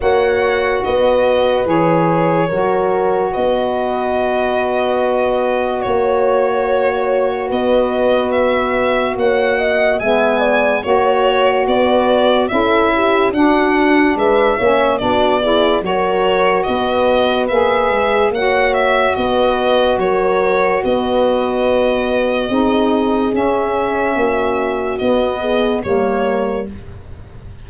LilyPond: <<
  \new Staff \with { instrumentName = "violin" } { \time 4/4 \tempo 4 = 72 fis''4 dis''4 cis''2 | dis''2. cis''4~ | cis''4 dis''4 e''4 fis''4 | gis''4 cis''4 d''4 e''4 |
fis''4 e''4 d''4 cis''4 | dis''4 e''4 fis''8 e''8 dis''4 | cis''4 dis''2. | e''2 dis''4 cis''4 | }
  \new Staff \with { instrumentName = "horn" } { \time 4/4 cis''4 b'2 ais'4 | b'2. cis''4~ | cis''4 b'2 cis''8 dis''8 | e''8 d''8 cis''4 b'4 a'8 g'8 |
fis'4 b'8 cis''8 fis'8 gis'8 ais'4 | b'2 cis''4 b'4 | ais'4 b'2 gis'4~ | gis'4 fis'4. gis'8 ais'4 | }
  \new Staff \with { instrumentName = "saxophone" } { \time 4/4 fis'2 gis'4 fis'4~ | fis'1~ | fis'1 | b4 fis'2 e'4 |
d'4. cis'8 d'8 e'8 fis'4~ | fis'4 gis'4 fis'2~ | fis'2. dis'4 | cis'2 b4 ais4 | }
  \new Staff \with { instrumentName = "tuba" } { \time 4/4 ais4 b4 e4 fis4 | b2. ais4~ | ais4 b2 ais4 | gis4 ais4 b4 cis'4 |
d'4 gis8 ais8 b4 fis4 | b4 ais8 gis8 ais4 b4 | fis4 b2 c'4 | cis'4 ais4 b4 g4 | }
>>